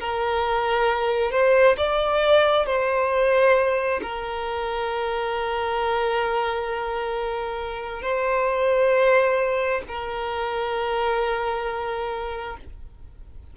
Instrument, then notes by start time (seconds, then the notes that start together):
violin
0.00 A#4
1.31 C5
1.77 D5
2.67 C5
4.03 A#4
8.02 C5
9.88 A#4